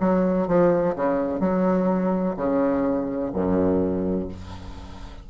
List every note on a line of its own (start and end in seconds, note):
0.00 0.48 F#3
0.48 0.95 F3
0.96 1.40 C#3
1.40 2.35 F#3
2.36 3.32 C#3
3.33 4.29 F#2